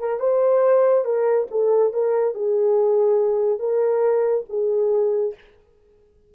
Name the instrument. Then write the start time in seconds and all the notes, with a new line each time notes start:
horn
0.00 A#4
0.20 C5
1.05 A#4
1.51 A4
1.93 A#4
2.35 G#4
3.59 A#4
4.49 G#4